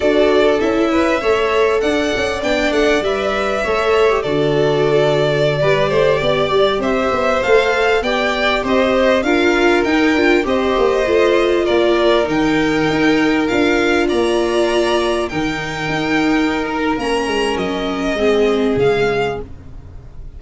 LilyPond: <<
  \new Staff \with { instrumentName = "violin" } { \time 4/4 \tempo 4 = 99 d''4 e''2 fis''4 | g''8 fis''8 e''2 d''4~ | d''2.~ d''16 e''8.~ | e''16 f''4 g''4 dis''4 f''8.~ |
f''16 g''4 dis''2 d''8.~ | d''16 g''2 f''4 ais''8.~ | ais''4~ ais''16 g''2~ g''16 ais'8 | ais''4 dis''2 f''4 | }
  \new Staff \with { instrumentName = "violin" } { \time 4/4 a'4. b'8 cis''4 d''4~ | d''2 cis''4 a'4~ | a'4~ a'16 b'8 c''8 d''4 c''8.~ | c''4~ c''16 d''4 c''4 ais'8.~ |
ais'4~ ais'16 c''2 ais'8.~ | ais'2.~ ais'16 d''8.~ | d''4~ d''16 ais'2~ ais'8.~ | ais'2 gis'2 | }
  \new Staff \with { instrumentName = "viola" } { \time 4/4 fis'4 e'4 a'2 | d'4 b'4 a'8. g'16 fis'4~ | fis'4~ fis'16 g'2~ g'8.~ | g'16 a'4 g'2 f'8.~ |
f'16 dis'8 f'8 g'4 f'4.~ f'16~ | f'16 dis'2 f'4.~ f'16~ | f'4~ f'16 dis'2~ dis'8. | cis'2 c'4 gis4 | }
  \new Staff \with { instrumentName = "tuba" } { \time 4/4 d'4 cis'4 a4 d'8 cis'8 | b8 a8 g4 a4 d4~ | d4~ d16 g8 a8 b8 g8 c'8 b16~ | b16 a4 b4 c'4 d'8.~ |
d'16 dis'8 d'8 c'8 ais8 a4 ais8.~ | ais16 dis4 dis'4 d'4 ais8.~ | ais4~ ais16 dis4 dis'4.~ dis'16 | ais8 gis8 fis4 gis4 cis4 | }
>>